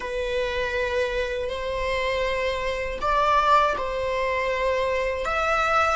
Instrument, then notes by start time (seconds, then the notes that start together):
viola
0.00 B4
1.49 C5
3.01 D5
3.77 C5
5.25 E5